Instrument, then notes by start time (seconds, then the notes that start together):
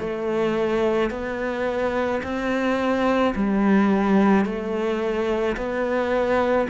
cello
0.00 A3
1.11 B3
2.24 C4
3.35 G3
4.46 A3
5.57 B3